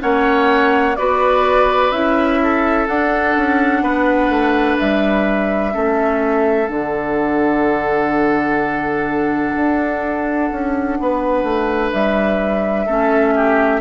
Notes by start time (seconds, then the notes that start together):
0.00 A#3 C#4 C#5 F#5
0.97 B3 F#4 B4 D5
1.91 C#4 E4 E5
2.43 A4
2.88 D4 F#5
3.37 C#4
3.83 B3 B4
4.30 A3
4.79 G3 E5
5.72 A3 C#4 A4
6.67 D3 D4 F#5
9.56 D4
10.52 C#4
11.00 B3 B4
11.44 A3
11.93 G3 E5
12.86 A3 C#4 A4
13.36 G4